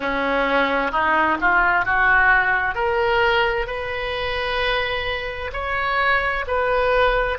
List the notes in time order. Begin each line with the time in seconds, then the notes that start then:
0.00 C#4
0.91 D#4
1.41 F4
1.85 F#4
2.74 A#4
3.66 B4
5.52 C#5
6.47 B4